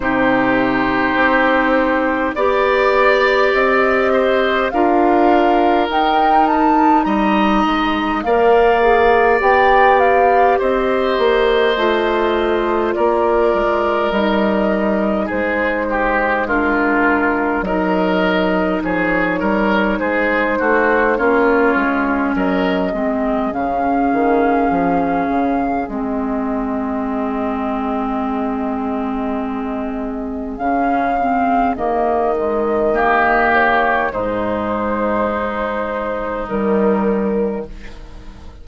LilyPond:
<<
  \new Staff \with { instrumentName = "flute" } { \time 4/4 \tempo 4 = 51 c''2 d''4 dis''4 | f''4 g''8 a''8 ais''4 f''4 | g''8 f''8 dis''2 d''4 | dis''4 c''4 ais'4 dis''4 |
cis''4 c''4 cis''4 dis''4 | f''2 dis''2~ | dis''2 f''4 dis''4~ | dis''8 cis''8 c''2 ais'4 | }
  \new Staff \with { instrumentName = "oboe" } { \time 4/4 g'2 d''4. c''8 | ais'2 dis''4 d''4~ | d''4 c''2 ais'4~ | ais'4 gis'8 g'8 f'4 ais'4 |
gis'8 ais'8 gis'8 fis'8 f'4 ais'8 gis'8~ | gis'1~ | gis'1 | g'4 dis'2. | }
  \new Staff \with { instrumentName = "clarinet" } { \time 4/4 dis'2 g'2 | f'4 dis'2 ais'8 gis'8 | g'2 f'2 | dis'2 d'4 dis'4~ |
dis'2 cis'4. c'8 | cis'2 c'2~ | c'2 cis'8 c'8 ais8 gis8 | ais4 gis2 g4 | }
  \new Staff \with { instrumentName = "bassoon" } { \time 4/4 c4 c'4 b4 c'4 | d'4 dis'4 g8 gis8 ais4 | b4 c'8 ais8 a4 ais8 gis8 | g4 gis2 fis4 |
f8 g8 gis8 a8 ais8 gis8 fis8 gis8 | cis8 dis8 f8 cis8 gis2~ | gis2 cis4 dis4~ | dis4 gis,2 dis4 | }
>>